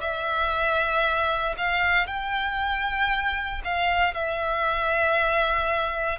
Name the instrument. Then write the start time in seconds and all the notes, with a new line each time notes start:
violin
0.00 E5
1.58 F5
2.07 G5
3.64 F5
4.14 E5